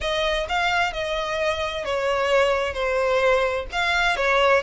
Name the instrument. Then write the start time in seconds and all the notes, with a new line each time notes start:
violin
0.00 D#5
0.48 F5
0.92 D#5
1.85 C#5
2.73 C5
3.72 F5
4.16 C#5